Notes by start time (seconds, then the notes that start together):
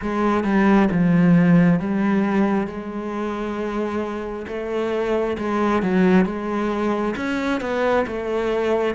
0.01 G#3
0.44 G3
0.91 F3
1.79 G3
2.67 G#3
4.47 A3
5.37 G#3
5.82 F#3
6.25 G#3
7.16 C#4
7.60 B3
8.06 A3